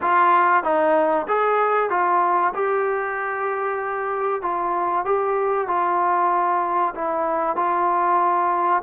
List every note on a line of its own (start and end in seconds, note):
0.01 0.63 F4
0.63 1.26 D#4
1.27 1.90 G#4
1.90 2.53 F4
2.54 4.42 G4
4.42 5.05 F4
5.05 5.67 G4
5.67 6.93 F4
6.94 7.56 E4
7.56 8.82 F4